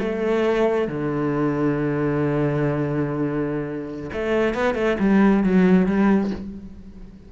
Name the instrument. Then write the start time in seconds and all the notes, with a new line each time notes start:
cello
0.00 A3
0.88 D3
4.14 A3
4.55 B3
4.75 A3
5.00 G3
5.44 F#3
5.87 G3